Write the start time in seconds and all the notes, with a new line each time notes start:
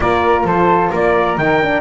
0.00 A#3 F4 A#4 D5
0.44 F3 A4 C5
0.90 A#3 A#4 D5
1.37 D#3 D#4 G5
1.63 D4